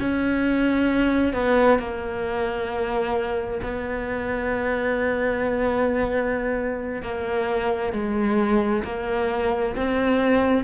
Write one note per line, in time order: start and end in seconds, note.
0.00 1.34 C#4
1.34 1.79 B3
1.79 3.61 A#3
3.63 7.02 B3
7.02 7.93 A#3
7.93 8.84 G#3
8.84 9.75 A#3
9.76 10.64 C4